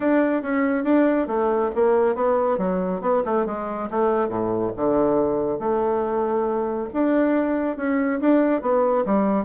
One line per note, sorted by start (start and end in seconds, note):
0.00 0.42 D4
0.42 0.84 C#4
0.84 1.27 D4
1.27 1.70 A3
1.75 2.15 A#3
2.15 2.57 B3
2.57 3.01 F#3
3.01 3.22 B3
3.25 3.46 A3
3.46 3.89 G#3
3.90 4.28 A3
4.28 4.71 A2
4.76 5.59 D3
5.59 6.88 A3
6.93 7.76 D4
7.76 8.20 C#4
8.20 8.61 D4
8.61 9.05 B3
9.05 9.45 G3